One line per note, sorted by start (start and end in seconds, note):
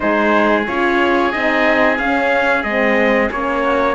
0.00 0.68 G#3
0.00 0.64 D#4
0.00 3.62 G#4
0.00 0.64 C5
0.66 1.34 C#4
0.66 1.32 F4
0.66 1.32 C#5
1.32 1.98 C4
1.32 1.98 D#4
1.32 1.98 D#5
1.98 2.63 C#4
1.98 2.65 C#4
1.98 2.63 F5
2.63 3.29 G#3
2.63 3.31 C4
2.63 3.29 D#5
3.31 3.95 A#3
3.31 3.95 C#4
3.31 3.95 C#5
3.62 3.95 F#4